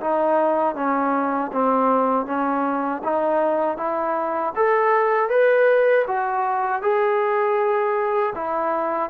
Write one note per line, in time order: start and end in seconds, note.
0.00 0.75 D#4
0.75 1.51 C#4
1.52 2.26 C4
2.26 3.02 C#4
3.03 3.77 D#4
3.77 4.53 E4
4.55 5.30 A4
5.30 6.06 B4
6.07 6.82 F#4
6.82 8.34 G#4
8.35 9.10 E4